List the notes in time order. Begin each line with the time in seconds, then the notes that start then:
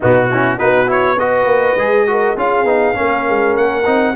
0.00 B2 B3 D#4 F#4
0.30 C#4 E4
0.58 B3 D#4 F#4 B4
0.87 E4 C#5
1.18 F#4 B4 D#5
1.45 A#3
1.75 G#3 G#4
2.07 F#4 A#4
2.37 C#4 F4 G#4 F5
2.63 B3 D#4
2.94 A#3 C#4 A#4
3.28 G#3
3.56 A#3 F#5
3.85 C4 D#4